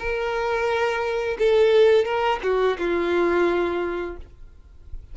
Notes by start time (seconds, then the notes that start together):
0.00 A#4
1.39 A4
2.06 A#4
2.43 F#4
2.79 F4